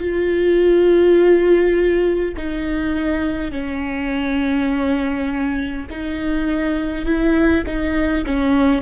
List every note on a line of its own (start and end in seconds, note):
0.00 2.35 F4
2.37 3.52 D#4
3.52 5.87 C#4
5.90 7.06 D#4
7.06 7.65 E4
7.66 8.25 D#4
8.26 8.82 C#4